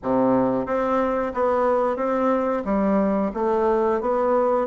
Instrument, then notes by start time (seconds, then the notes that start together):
bassoon
0.02 C3
0.66 C4
1.34 B3
1.96 C4
2.65 G3
3.34 A3
4.01 B3